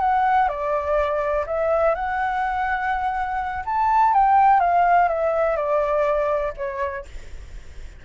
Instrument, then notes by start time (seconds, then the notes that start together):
flute
0.00 F#5
0.48 D5
1.46 E5
1.95 F#5
3.65 A5
4.13 G5
4.60 F5
5.09 E5
5.56 D5
6.57 C#5